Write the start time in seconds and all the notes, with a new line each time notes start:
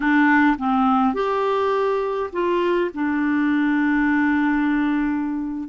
0.00 D4
0.58 C4
1.14 G4
2.32 F4
2.94 D4